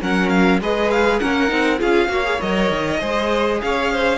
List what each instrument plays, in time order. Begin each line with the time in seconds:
0.00 cello F#3, viola C#4, violin A#4 F#5
0.29 violin F5
0.60 cello G#3, viola G#4, violin B4 D#5
0.91 violin F5
1.19 cello A#3, viola C#4, violin A#4 F#5
1.48 cello C4, viola D#4
1.78 cello C#4, viola F4, violin G#4 F5
2.08 cello A#3, viola F#4, violin C#5
2.24 viola G#4
2.41 cello F#3, viola A#4, violin D#5
2.71 cello D#3
2.99 cello G#3, viola G#4, violin C5
3.61 cello C#4, violin C#5 F5
3.92 violin C5